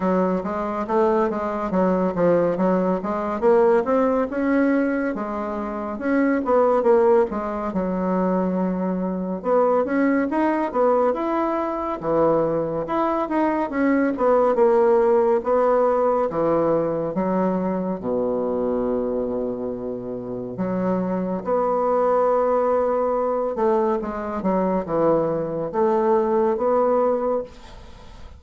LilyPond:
\new Staff \with { instrumentName = "bassoon" } { \time 4/4 \tempo 4 = 70 fis8 gis8 a8 gis8 fis8 f8 fis8 gis8 | ais8 c'8 cis'4 gis4 cis'8 b8 | ais8 gis8 fis2 b8 cis'8 | dis'8 b8 e'4 e4 e'8 dis'8 |
cis'8 b8 ais4 b4 e4 | fis4 b,2. | fis4 b2~ b8 a8 | gis8 fis8 e4 a4 b4 | }